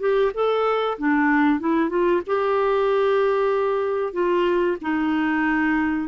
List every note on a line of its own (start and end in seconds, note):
0.00 0.32 G4
0.34 0.98 A4
0.98 1.60 D4
1.60 1.89 E4
1.89 2.21 F4
2.27 4.13 G4
4.13 4.77 F4
4.81 6.08 D#4